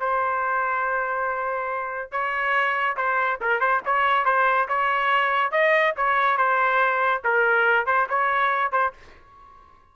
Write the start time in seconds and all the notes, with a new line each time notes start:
0.00 C5
2.11 C#5
2.97 C5
3.41 A#4
3.60 C5
3.85 C#5
4.25 C5
4.68 C#5
5.52 D#5
5.97 C#5
6.37 C5
7.24 A#4
7.86 C5
8.09 C#5
8.72 C5